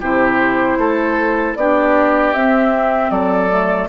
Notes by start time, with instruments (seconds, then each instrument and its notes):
0.00 bassoon C3, clarinet E4, oboe G4, flute C5
0.77 bassoon A3, oboe A4
1.55 bassoon B3, clarinet D4, oboe G4, flute D5
2.33 bassoon C4, clarinet C4, flute E5
3.10 bassoon F#3, oboe A4, flute D5
3.49 clarinet A3